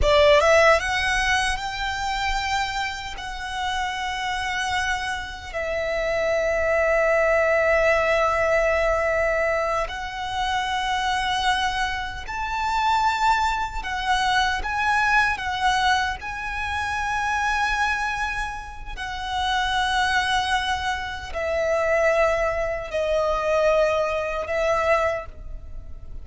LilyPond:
\new Staff \with { instrumentName = "violin" } { \time 4/4 \tempo 4 = 76 d''8 e''8 fis''4 g''2 | fis''2. e''4~ | e''1~ | e''8 fis''2. a''8~ |
a''4. fis''4 gis''4 fis''8~ | fis''8 gis''2.~ gis''8 | fis''2. e''4~ | e''4 dis''2 e''4 | }